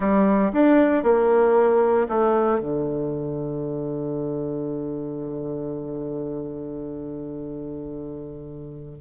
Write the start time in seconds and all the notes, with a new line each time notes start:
0.00 G3
0.52 D4
1.03 A#3
2.09 A3
2.59 D3